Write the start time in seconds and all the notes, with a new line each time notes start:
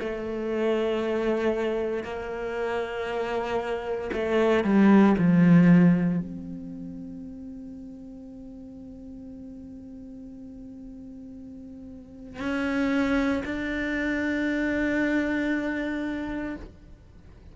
0.00 A3
2.04 A#3
4.13 A3
4.65 G3
5.19 F3
6.20 C4
12.40 C#4
13.46 D4